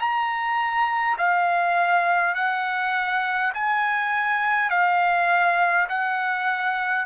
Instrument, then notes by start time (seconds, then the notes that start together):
trumpet
0.00 A#5
1.18 F5
2.35 F#5
3.54 G#5
4.71 F5
5.89 F#5